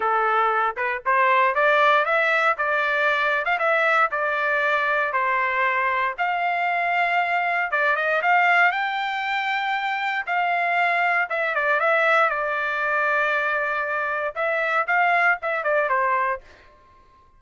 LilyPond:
\new Staff \with { instrumentName = "trumpet" } { \time 4/4 \tempo 4 = 117 a'4. b'8 c''4 d''4 | e''4 d''4.~ d''16 f''16 e''4 | d''2 c''2 | f''2. d''8 dis''8 |
f''4 g''2. | f''2 e''8 d''8 e''4 | d''1 | e''4 f''4 e''8 d''8 c''4 | }